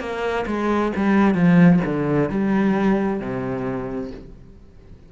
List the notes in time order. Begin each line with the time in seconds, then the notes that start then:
0.00 A#3
0.47 G#3
0.97 G3
1.35 F3
1.85 D3
2.30 G3
3.20 C3